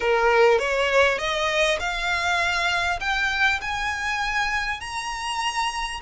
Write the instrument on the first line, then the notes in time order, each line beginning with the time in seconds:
violin
0.00 A#4
0.58 C#5
1.18 D#5
1.79 F5
3.00 G5
3.61 G#5
4.80 A#5